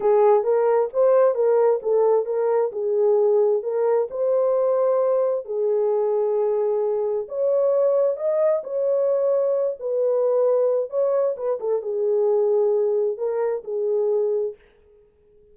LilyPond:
\new Staff \with { instrumentName = "horn" } { \time 4/4 \tempo 4 = 132 gis'4 ais'4 c''4 ais'4 | a'4 ais'4 gis'2 | ais'4 c''2. | gis'1 |
cis''2 dis''4 cis''4~ | cis''4. b'2~ b'8 | cis''4 b'8 a'8 gis'2~ | gis'4 ais'4 gis'2 | }